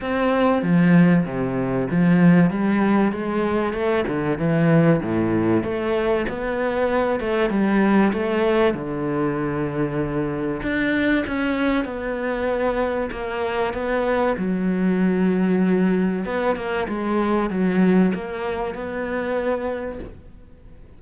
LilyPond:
\new Staff \with { instrumentName = "cello" } { \time 4/4 \tempo 4 = 96 c'4 f4 c4 f4 | g4 gis4 a8 d8 e4 | a,4 a4 b4. a8 | g4 a4 d2~ |
d4 d'4 cis'4 b4~ | b4 ais4 b4 fis4~ | fis2 b8 ais8 gis4 | fis4 ais4 b2 | }